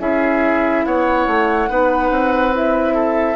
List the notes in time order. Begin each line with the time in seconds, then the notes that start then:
0.00 C#4 E4 G#4 E5
0.86 B3 C#5 F#5
1.27 A3
1.69 B3 D#4 B4
2.11 C4
2.53 E4 E5
2.95 A4